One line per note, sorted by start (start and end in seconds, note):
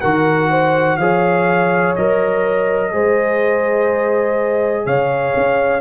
0.00 0.98 D#3
0.00 1.00 F#4
0.00 0.48 A#4
0.00 0.97 F#5
0.49 0.97 C5
0.97 1.94 F3
0.97 1.96 G#4
0.97 2.92 C#5
0.97 1.94 F5
1.95 2.93 F#3
1.95 2.92 A#4
1.95 4.86 D#5
2.92 4.85 G#3
2.92 5.80 G#4
2.92 4.85 C5
4.85 5.34 C#3
4.85 5.80 C#5
4.85 5.80 F5
5.36 5.80 C#4